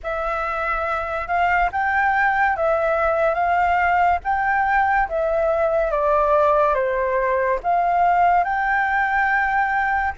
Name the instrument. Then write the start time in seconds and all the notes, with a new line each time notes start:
flute
0.03 E5
1.27 F5
1.71 G5
2.56 E5
3.34 F5
4.24 G5
5.09 E5
5.91 D5
6.74 C5
7.63 F5
8.44 G5